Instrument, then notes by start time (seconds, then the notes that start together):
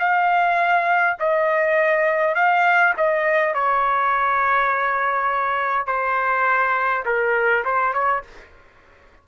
trumpet
0.00 F5
1.20 D#5
2.35 F5
2.97 D#5
3.55 C#5
5.87 C5
7.06 A#4
7.65 C5
7.94 C#5